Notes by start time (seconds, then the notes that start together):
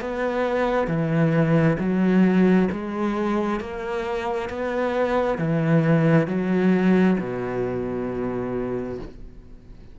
0.00 B3
0.87 E3
1.79 F#3
2.72 G#3
3.60 A#3
4.49 B3
5.38 E3
6.27 F#3
7.19 B2